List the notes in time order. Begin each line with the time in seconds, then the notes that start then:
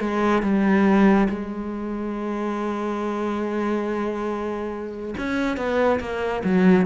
0.00 G#3
0.42 G3
1.29 G#3
5.18 C#4
5.57 B3
6.00 A#3
6.44 F#3